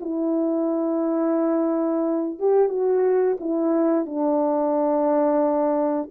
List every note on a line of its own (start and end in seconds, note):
0.00 2.39 E4
2.39 2.69 G4
2.69 3.37 F#4
3.40 4.05 E4
4.05 6.10 D4